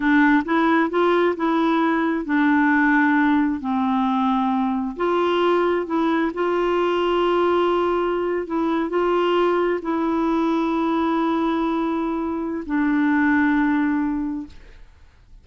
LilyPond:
\new Staff \with { instrumentName = "clarinet" } { \time 4/4 \tempo 4 = 133 d'4 e'4 f'4 e'4~ | e'4 d'2. | c'2. f'4~ | f'4 e'4 f'2~ |
f'2~ f'8. e'4 f'16~ | f'4.~ f'16 e'2~ e'16~ | e'1 | d'1 | }